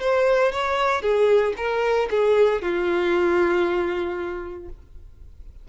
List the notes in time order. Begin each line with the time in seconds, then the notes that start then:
0.00 C5
0.52 C#5
1.02 G#4
1.57 A#4
2.10 G#4
2.62 F4